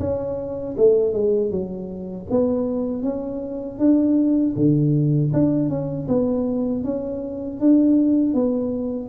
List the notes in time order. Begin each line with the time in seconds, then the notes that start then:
0.00 C#4
0.77 A3
1.14 G#3
1.51 F#3
2.31 B3
3.03 C#4
3.79 D4
4.56 D3
5.34 D4
5.70 C#4
6.08 B3
6.85 C#4
7.61 D4
8.34 B3